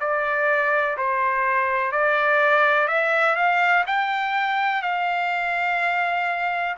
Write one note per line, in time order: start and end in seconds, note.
0.00 0.97 D5
0.97 1.92 C5
1.92 2.88 D5
2.88 3.36 E5
3.36 3.84 F5
3.87 4.83 G5
4.83 6.76 F5